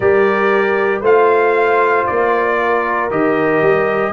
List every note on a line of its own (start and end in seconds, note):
0.00 1.01 G3
0.00 1.04 G4
0.00 1.00 A#4
0.00 1.02 D5
1.00 2.04 A3
1.00 3.10 F4
1.00 2.55 C5
1.00 2.06 F5
2.06 3.10 A#3
2.06 3.09 D5
2.60 4.12 A#4
3.10 3.61 D#3
3.10 4.12 G4
3.10 4.12 D#5
3.61 4.12 G3